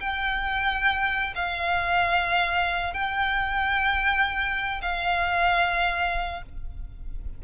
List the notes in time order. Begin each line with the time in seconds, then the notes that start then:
0.00 G5
1.35 F5
2.94 G5
4.82 F5